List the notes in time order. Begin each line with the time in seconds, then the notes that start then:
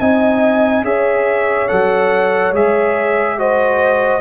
0.00 C4 D#4 D#5 G#5
0.83 C#4 G#4 C#5 E5
1.68 F#3 A4 F#5
2.52 G#3 G#4 E5
3.38 F#4 C5 D#5